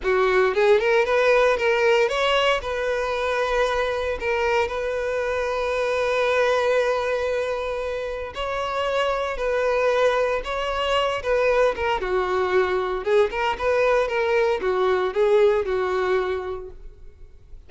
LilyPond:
\new Staff \with { instrumentName = "violin" } { \time 4/4 \tempo 4 = 115 fis'4 gis'8 ais'8 b'4 ais'4 | cis''4 b'2. | ais'4 b'2.~ | b'1 |
cis''2 b'2 | cis''4. b'4 ais'8 fis'4~ | fis'4 gis'8 ais'8 b'4 ais'4 | fis'4 gis'4 fis'2 | }